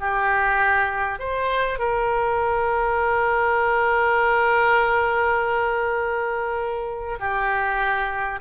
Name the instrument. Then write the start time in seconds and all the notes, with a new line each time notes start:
oboe
0.00 G4
1.19 C5
1.78 A#4
7.19 G4